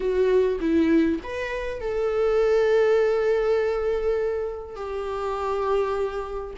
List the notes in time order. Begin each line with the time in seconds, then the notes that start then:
0.00 F#4
0.60 E4
1.23 B4
1.80 A4
4.75 G4